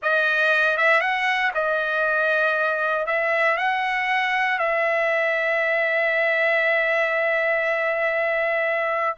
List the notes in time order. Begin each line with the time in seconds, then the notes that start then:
0.02 D#5
0.77 E5
1.01 F#5
1.54 D#5
3.06 E5
3.57 F#5
4.58 E5